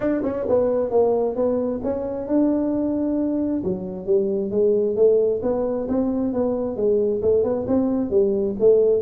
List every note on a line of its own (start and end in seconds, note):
0.00 0.22 D4
0.23 0.46 C#4
0.48 0.90 B3
0.90 1.35 A#3
1.35 1.80 B3
1.83 2.27 C#4
2.27 3.63 D4
3.63 4.05 F#3
4.05 4.50 G3
4.50 4.95 G#3
4.96 5.41 A3
5.42 5.87 B3
5.88 6.33 C4
6.33 6.76 B3
6.76 7.21 G#3
7.22 7.43 A3
7.43 7.66 B3
7.67 8.10 C4
8.10 8.55 G3
8.59 9.01 A3